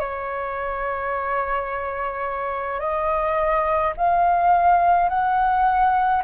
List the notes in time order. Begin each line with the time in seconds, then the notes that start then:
0.00 C#5
2.80 D#5
3.97 F5
5.09 F#5